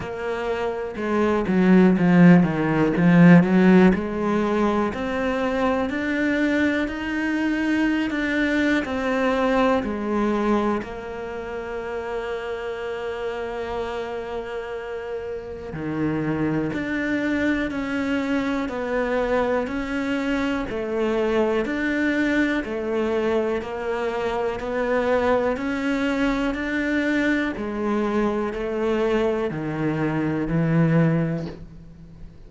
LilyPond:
\new Staff \with { instrumentName = "cello" } { \time 4/4 \tempo 4 = 61 ais4 gis8 fis8 f8 dis8 f8 fis8 | gis4 c'4 d'4 dis'4~ | dis'16 d'8. c'4 gis4 ais4~ | ais1 |
dis4 d'4 cis'4 b4 | cis'4 a4 d'4 a4 | ais4 b4 cis'4 d'4 | gis4 a4 dis4 e4 | }